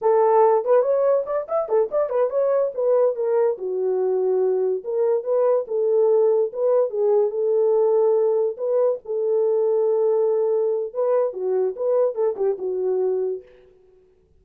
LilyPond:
\new Staff \with { instrumentName = "horn" } { \time 4/4 \tempo 4 = 143 a'4. b'8 cis''4 d''8 e''8 | a'8 d''8 b'8 cis''4 b'4 ais'8~ | ais'8 fis'2. ais'8~ | ais'8 b'4 a'2 b'8~ |
b'8 gis'4 a'2~ a'8~ | a'8 b'4 a'2~ a'8~ | a'2 b'4 fis'4 | b'4 a'8 g'8 fis'2 | }